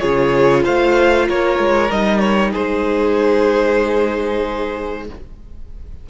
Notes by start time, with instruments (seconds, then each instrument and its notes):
0.00 cello C#3, viola F4, violin G#4 C#5
0.64 cello A3, violin C5 F5
1.28 cello A#3, violin A#4 C#5
1.59 cello G#3
1.91 cello G3, viola D#4, violin D#5
2.20 violin C#5
2.51 cello G#3, violin G#4 C5